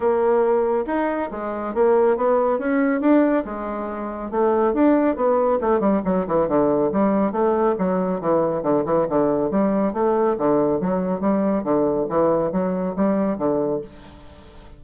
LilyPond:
\new Staff \with { instrumentName = "bassoon" } { \time 4/4 \tempo 4 = 139 ais2 dis'4 gis4 | ais4 b4 cis'4 d'4 | gis2 a4 d'4 | b4 a8 g8 fis8 e8 d4 |
g4 a4 fis4 e4 | d8 e8 d4 g4 a4 | d4 fis4 g4 d4 | e4 fis4 g4 d4 | }